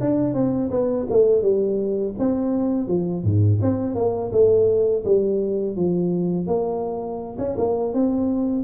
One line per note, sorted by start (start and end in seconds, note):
0.00 0.34 D4
0.34 0.70 C4
0.70 1.06 B3
1.10 1.41 A3
1.41 2.14 G3
2.19 2.87 C4
2.87 3.23 F3
3.23 3.59 G#2
3.61 3.95 C4
3.95 4.31 A#3
4.31 5.04 A3
5.04 5.76 G3
5.76 6.46 F3
6.46 7.37 A#3
7.38 7.56 C#4
7.57 7.93 A#3
7.93 8.64 C4